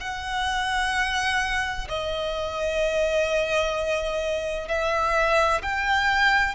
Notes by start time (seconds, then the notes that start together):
0.00 F#5
1.89 D#5
4.68 E5
5.62 G5